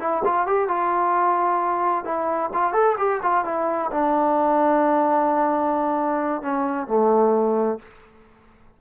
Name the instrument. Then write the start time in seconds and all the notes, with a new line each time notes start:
trombone
0.00 E4
0.25 F4
0.47 G4
0.68 F4
2.05 E4
2.54 F4
2.73 A4
2.98 G4
3.23 F4
3.45 E4
3.91 D4
6.42 C#4
6.88 A3